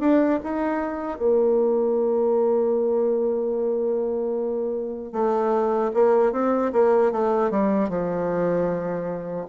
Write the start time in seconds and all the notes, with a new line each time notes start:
0.00 D4
0.43 D#4
1.18 A#3
5.13 A3
5.94 A#3
6.32 C4
6.73 A#3
7.12 A3
7.51 G3
7.89 F3